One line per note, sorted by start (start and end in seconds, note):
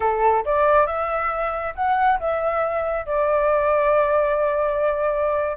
0.00 0.44 A4
0.45 0.86 D5
0.86 1.74 E5
1.75 2.19 F#5
2.19 3.06 E5
3.06 5.57 D5